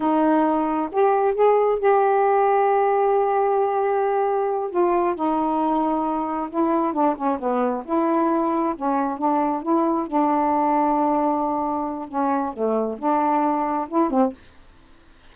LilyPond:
\new Staff \with { instrumentName = "saxophone" } { \time 4/4 \tempo 4 = 134 dis'2 g'4 gis'4 | g'1~ | g'2~ g'8 f'4 dis'8~ | dis'2~ dis'8 e'4 d'8 |
cis'8 b4 e'2 cis'8~ | cis'8 d'4 e'4 d'4.~ | d'2. cis'4 | a4 d'2 e'8 c'8 | }